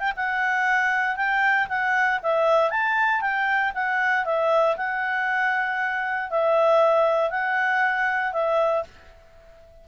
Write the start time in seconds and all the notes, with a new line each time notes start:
0.00 G5
0.17 F#5
1.17 G5
1.69 F#5
2.23 E5
2.71 A5
3.21 G5
3.75 F#5
4.25 E5
4.77 F#5
6.31 E5
7.31 F#5
8.33 E5